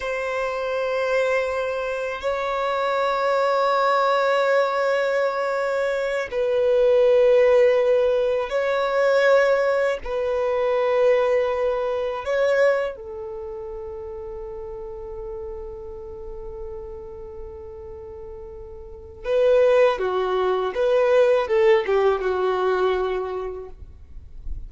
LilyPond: \new Staff \with { instrumentName = "violin" } { \time 4/4 \tempo 4 = 81 c''2. cis''4~ | cis''1~ | cis''8 b'2. cis''8~ | cis''4. b'2~ b'8~ |
b'8 cis''4 a'2~ a'8~ | a'1~ | a'2 b'4 fis'4 | b'4 a'8 g'8 fis'2 | }